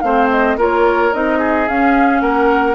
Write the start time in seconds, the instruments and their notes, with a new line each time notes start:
0.00 bassoon A3, clarinet C4, oboe C5, flute F5
0.30 flute D#5
0.56 bassoon A#3, clarinet F4, oboe A#4, flute C#5
1.12 bassoon C4, clarinet D#4, flute D#5
1.39 oboe G#4
1.68 bassoon C#4, clarinet C#4, flute F5
2.21 bassoon A#3, oboe A#4, flute F#5